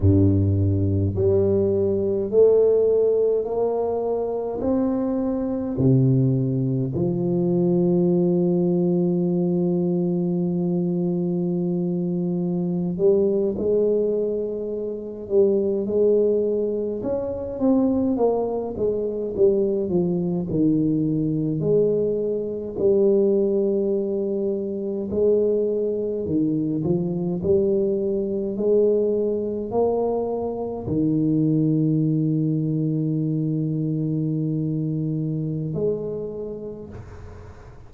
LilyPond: \new Staff \with { instrumentName = "tuba" } { \time 4/4 \tempo 4 = 52 g,4 g4 a4 ais4 | c'4 c4 f2~ | f2.~ f16 g8 gis16~ | gis4~ gis16 g8 gis4 cis'8 c'8 ais16~ |
ais16 gis8 g8 f8 dis4 gis4 g16~ | g4.~ g16 gis4 dis8 f8 g16~ | g8. gis4 ais4 dis4~ dis16~ | dis2. gis4 | }